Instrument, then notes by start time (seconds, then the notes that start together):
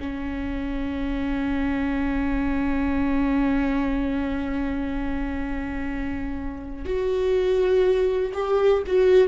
viola
0.00 C#4
6.85 F#4
8.33 G4
8.87 F#4